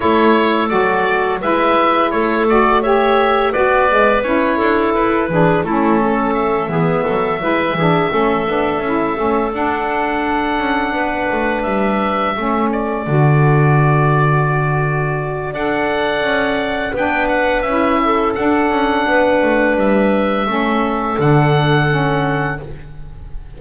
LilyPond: <<
  \new Staff \with { instrumentName = "oboe" } { \time 4/4 \tempo 4 = 85 cis''4 d''4 e''4 cis''8 d''8 | e''4 d''4 cis''4 b'4 | a'4 e''2.~ | e''4. fis''2~ fis''8~ |
fis''8 e''4. d''2~ | d''2 fis''2 | g''8 fis''8 e''4 fis''2 | e''2 fis''2 | }
  \new Staff \with { instrumentName = "clarinet" } { \time 4/4 a'2 b'4 a'4 | cis''4 b'4. a'4 gis'8 | e'8 a'4 gis'8 a'8 b'8 gis'8 a'8~ | a'2.~ a'8 b'8~ |
b'4. a'2~ a'8~ | a'2 d''2 | b'4. a'4. b'4~ | b'4 a'2. | }
  \new Staff \with { instrumentName = "saxophone" } { \time 4/4 e'4 fis'4 e'4. fis'8 | g'4 fis'8 gis8 e'4. d'8 | cis'4. b4 e'8 d'8 cis'8 | d'8 e'8 cis'8 d'2~ d'8~ |
d'4. cis'4 fis'4.~ | fis'2 a'2 | d'4 e'4 d'2~ | d'4 cis'4 d'4 cis'4 | }
  \new Staff \with { instrumentName = "double bass" } { \time 4/4 a4 fis4 gis4 a4~ | a4 b4 cis'8 d'8 e'8 e8 | a4. e8 fis8 gis8 e8 a8 | b8 cis'8 a8 d'4. cis'8 b8 |
a8 g4 a4 d4.~ | d2 d'4 cis'4 | b4 cis'4 d'8 cis'8 b8 a8 | g4 a4 d2 | }
>>